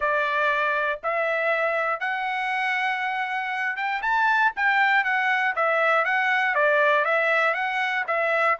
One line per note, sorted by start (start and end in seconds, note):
0.00 0.99 D5
1.03 2.00 E5
2.00 3.76 F#5
3.76 4.01 G5
4.02 4.52 A5
4.56 5.04 G5
5.04 5.54 F#5
5.55 6.04 E5
6.04 6.55 F#5
6.55 7.04 D5
7.04 7.54 E5
7.54 8.04 F#5
8.07 8.57 E5